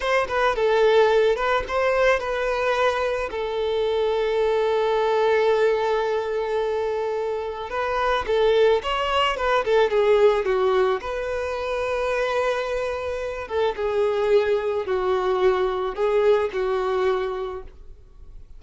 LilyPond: \new Staff \with { instrumentName = "violin" } { \time 4/4 \tempo 4 = 109 c''8 b'8 a'4. b'8 c''4 | b'2 a'2~ | a'1~ | a'2 b'4 a'4 |
cis''4 b'8 a'8 gis'4 fis'4 | b'1~ | b'8 a'8 gis'2 fis'4~ | fis'4 gis'4 fis'2 | }